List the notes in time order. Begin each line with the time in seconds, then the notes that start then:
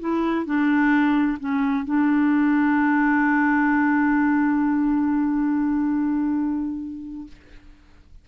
0.00 E4
0.46 D4
1.40 C#4
1.85 D4